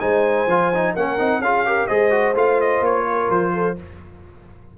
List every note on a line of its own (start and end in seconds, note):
0.00 0.47 G#3
0.00 0.47 D#4
0.00 0.94 C5
0.00 0.94 G#5
0.47 0.94 F3
0.47 0.73 F4
0.74 0.97 D#4
0.94 1.19 A#3
0.94 1.18 C#4
0.94 1.41 A#4
0.94 1.42 F#5
1.18 1.39 C4
1.18 1.42 D#4
1.39 1.86 C#4
1.39 1.66 F4
1.39 1.67 G#4
1.39 1.87 F5
1.66 1.88 G4
1.66 1.88 A#4
1.87 2.34 G#3
1.87 2.11 G#4
1.87 3.05 C5
1.87 2.34 D#5
2.11 2.34 F#4
2.34 2.81 A3
2.34 3.76 F4
2.34 2.61 F5
2.61 2.84 D#5
2.81 3.28 A#3
2.81 3.31 C#5
3.06 3.53 A#4
3.29 3.76 F3
3.29 3.78 C5
3.53 3.77 A4